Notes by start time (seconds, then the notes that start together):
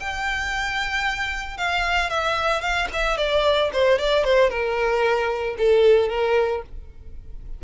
0.00 G5
1.57 F5
2.10 E5
2.62 F5
2.93 E5
3.18 D5
3.73 C5
3.99 D5
4.24 C5
4.50 A#4
5.58 A4
6.09 A#4